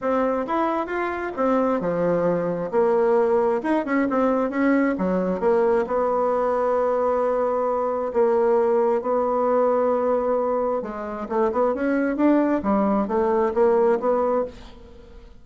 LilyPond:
\new Staff \with { instrumentName = "bassoon" } { \time 4/4 \tempo 4 = 133 c'4 e'4 f'4 c'4 | f2 ais2 | dis'8 cis'8 c'4 cis'4 fis4 | ais4 b2.~ |
b2 ais2 | b1 | gis4 a8 b8 cis'4 d'4 | g4 a4 ais4 b4 | }